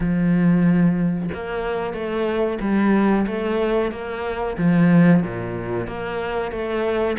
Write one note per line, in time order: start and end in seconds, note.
0.00 1.29 F3
1.33 1.93 A#3
1.93 2.58 A3
2.60 3.25 G3
3.26 3.91 A3
3.91 4.57 A#3
4.57 5.23 F3
5.23 5.87 A#2
5.87 6.51 A#3
6.51 7.17 A3